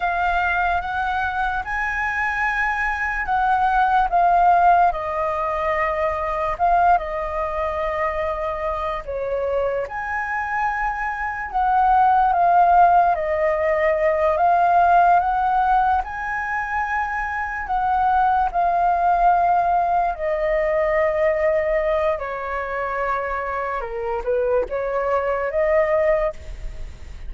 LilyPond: \new Staff \with { instrumentName = "flute" } { \time 4/4 \tempo 4 = 73 f''4 fis''4 gis''2 | fis''4 f''4 dis''2 | f''8 dis''2~ dis''8 cis''4 | gis''2 fis''4 f''4 |
dis''4. f''4 fis''4 gis''8~ | gis''4. fis''4 f''4.~ | f''8 dis''2~ dis''8 cis''4~ | cis''4 ais'8 b'8 cis''4 dis''4 | }